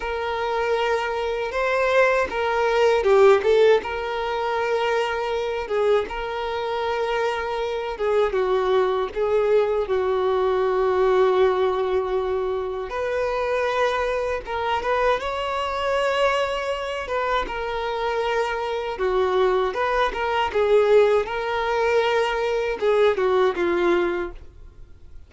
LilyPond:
\new Staff \with { instrumentName = "violin" } { \time 4/4 \tempo 4 = 79 ais'2 c''4 ais'4 | g'8 a'8 ais'2~ ais'8 gis'8 | ais'2~ ais'8 gis'8 fis'4 | gis'4 fis'2.~ |
fis'4 b'2 ais'8 b'8 | cis''2~ cis''8 b'8 ais'4~ | ais'4 fis'4 b'8 ais'8 gis'4 | ais'2 gis'8 fis'8 f'4 | }